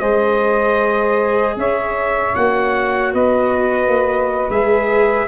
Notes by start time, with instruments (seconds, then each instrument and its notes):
0.00 tuba G#3, viola G#4, saxophone C5, trumpet D#5
1.56 tuba C#4, saxophone C#5, trumpet E5
2.36 tuba A#3, viola F#4, trumpet F#5
3.13 tuba B3, saxophone B4, trumpet D#5
3.88 tuba A#3
4.49 tuba G#3, viola G#4, trumpet E5